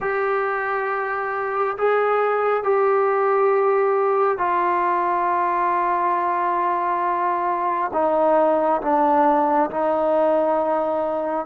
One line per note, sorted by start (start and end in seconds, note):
0.00 1.77 G4
1.77 2.63 G#4
2.63 4.38 G4
4.38 7.91 F4
7.93 8.81 D#4
8.81 9.69 D4
9.70 11.46 D#4